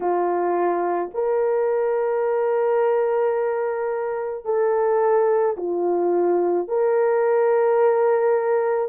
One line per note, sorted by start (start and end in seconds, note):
0.00 1.10 F4
1.14 4.44 A#4
4.44 5.56 A4
5.57 6.68 F4
6.68 8.88 A#4